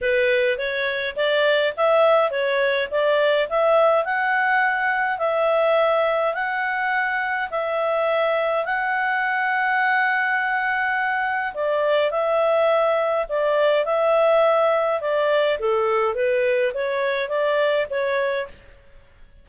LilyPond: \new Staff \with { instrumentName = "clarinet" } { \time 4/4 \tempo 4 = 104 b'4 cis''4 d''4 e''4 | cis''4 d''4 e''4 fis''4~ | fis''4 e''2 fis''4~ | fis''4 e''2 fis''4~ |
fis''1 | d''4 e''2 d''4 | e''2 d''4 a'4 | b'4 cis''4 d''4 cis''4 | }